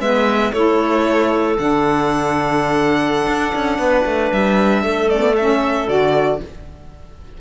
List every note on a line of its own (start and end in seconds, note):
0.00 0.52 G#3
0.00 0.53 B3
0.00 0.53 B4
0.00 0.53 E5
0.53 1.58 A3
0.53 1.57 E4
0.53 3.79 A4
0.53 1.57 C#5
1.57 3.27 D3
1.57 5.09 D4
1.57 4.32 F#5
3.27 3.53 D4
3.55 3.79 C#4
3.79 4.05 B3
3.79 4.84 B4
4.06 4.32 A3
4.32 4.83 G3
4.32 5.10 E5
4.83 5.88 A3
4.83 6.41 A4
5.10 5.20 C#4
5.10 5.36 D5
5.20 5.33 B3
5.36 5.88 C#4
5.36 5.88 E5
5.88 6.40 D3
5.88 6.40 F#4
5.88 6.41 D5